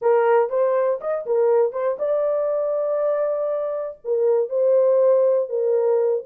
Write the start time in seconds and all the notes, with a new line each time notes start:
0.01 A#4
0.49 C5
1.00 D#5
1.25 A#4
1.72 C5
1.98 D5
4.04 A#4
4.49 C5
5.49 A#4